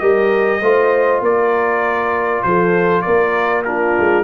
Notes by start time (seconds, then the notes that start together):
0.00 G3 G4 A#4 D#5
0.61 A3 F4 C5
1.21 A#3 A#4 D5
2.43 F3 A4 C5
3.02 A#3 A#4 D5
3.65 D4 F4 A#4
3.99 G#3